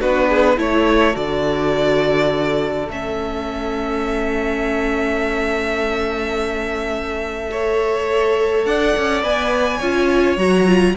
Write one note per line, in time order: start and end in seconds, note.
0.00 0.57 B3
0.00 0.56 D4
0.00 0.28 F#4
0.00 0.58 B4
0.28 0.57 G#4
0.56 1.15 A3
0.56 1.13 E4
0.56 7.49 A4
0.56 1.16 C#5
1.13 2.88 D3
1.13 2.86 F#4
1.13 2.89 D5
2.88 8.65 A3
2.88 7.50 C#4
2.88 8.65 E5
7.50 9.22 A4
7.50 8.66 C#5
8.65 8.94 D4
8.65 9.77 D5
8.65 9.23 F#5
8.97 9.23 C#4
9.22 9.81 B3
9.22 9.80 B4
9.22 10.38 G#5
9.77 10.36 C#4
9.77 10.37 F4
9.77 10.92 C#5
10.36 10.94 F#3
10.36 10.66 F#4
10.36 10.95 A#5
10.66 10.95 F4